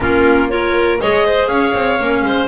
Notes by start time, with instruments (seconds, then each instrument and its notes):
0.00 double bass A#3, clarinet C#4 A#4, violin F4
0.49 clarinet F4 C#5, violin A#4
1.00 double bass G#3, clarinet G#4 D#5, violin C#5
1.25 violin C5
1.47 double bass C#4, violin C#5, clarinet F5
1.74 double bass C4
1.99 double bass A#3, clarinet C#4
2.22 double bass G#3, violin C5